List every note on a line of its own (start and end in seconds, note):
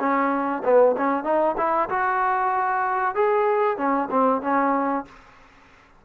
0.00 0.63 C#4
0.65 0.96 B3
0.97 1.24 C#4
1.24 1.56 D#4
1.58 1.89 E4
1.90 3.16 F#4
3.16 3.78 G#4
3.78 4.09 C#4
4.11 4.42 C4
4.42 5.06 C#4